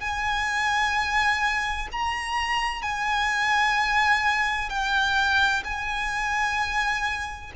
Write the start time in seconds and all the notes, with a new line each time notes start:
0.00 G#5
1.91 A#5
2.82 G#5
4.69 G5
5.64 G#5